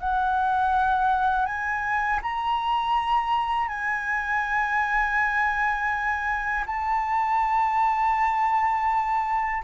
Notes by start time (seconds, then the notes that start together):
0.00 F#5
1.46 G#5
2.23 A#5
3.69 G#5
6.67 A5